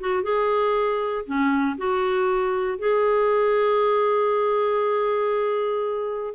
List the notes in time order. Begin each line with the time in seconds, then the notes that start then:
0.00 F#4
0.23 G#4
1.26 C#4
1.78 F#4
2.79 G#4